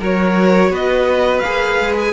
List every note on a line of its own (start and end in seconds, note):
0.00 0.70 F#3
0.00 1.44 F#4
0.00 0.71 A#4
0.00 0.75 C#5
0.70 1.41 B3
0.70 2.14 B4
0.70 1.40 D#5
1.40 1.80 A#3
1.40 2.14 G#4
1.40 1.93 F5
1.80 2.14 G#3
1.99 2.14 G#5